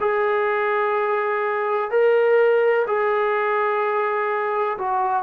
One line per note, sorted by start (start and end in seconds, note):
0.00 1.90 G#4
1.90 2.86 A#4
2.87 4.77 G#4
4.78 5.23 F#4